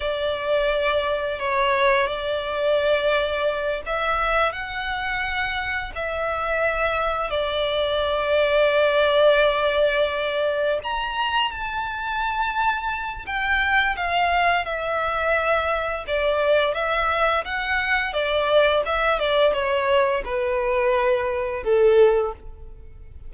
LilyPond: \new Staff \with { instrumentName = "violin" } { \time 4/4 \tempo 4 = 86 d''2 cis''4 d''4~ | d''4. e''4 fis''4.~ | fis''8 e''2 d''4.~ | d''2.~ d''8 ais''8~ |
ais''8 a''2~ a''8 g''4 | f''4 e''2 d''4 | e''4 fis''4 d''4 e''8 d''8 | cis''4 b'2 a'4 | }